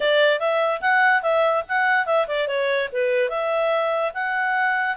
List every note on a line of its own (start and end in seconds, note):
0.00 0.39 D5
0.39 0.81 E5
0.81 1.22 F#5
1.22 1.63 E5
1.68 2.05 F#5
2.05 2.26 E5
2.27 2.47 D5
2.47 2.89 C#5
2.92 3.29 B4
3.29 4.12 E5
4.13 4.96 F#5